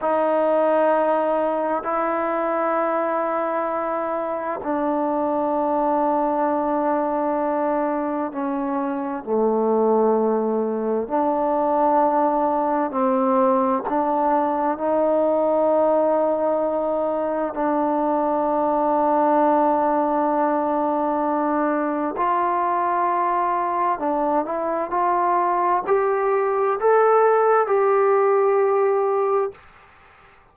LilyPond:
\new Staff \with { instrumentName = "trombone" } { \time 4/4 \tempo 4 = 65 dis'2 e'2~ | e'4 d'2.~ | d'4 cis'4 a2 | d'2 c'4 d'4 |
dis'2. d'4~ | d'1 | f'2 d'8 e'8 f'4 | g'4 a'4 g'2 | }